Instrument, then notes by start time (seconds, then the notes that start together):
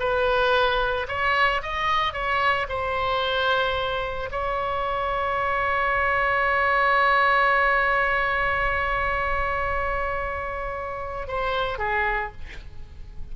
oboe
0.00 B4
1.09 C#5
1.63 D#5
2.14 C#5
2.69 C5
4.31 C#5
11.28 C5
11.79 G#4